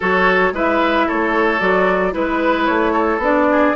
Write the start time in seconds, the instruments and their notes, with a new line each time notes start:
0.00 bassoon F#3, clarinet F#4, oboe A4, flute C#5
0.52 bassoon G#3, clarinet E4, oboe B4, flute E5
1.06 bassoon A3, oboe A4, flute C#5
1.59 bassoon F#3, clarinet F#4, flute D5
2.11 bassoon G#3, clarinet E4, oboe B4, flute B4
2.66 bassoon A3, flute C#5
2.92 oboe A4
3.18 bassoon B3, clarinet D4, flute D5
3.51 oboe G#4